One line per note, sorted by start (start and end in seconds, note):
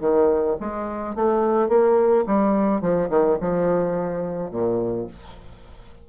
0.00 0.56 D#3
0.60 1.15 G#3
1.15 1.68 A3
1.68 2.25 A#3
2.26 2.81 G3
2.81 3.09 F3
3.09 3.37 D#3
3.40 4.51 F3
4.51 5.07 A#2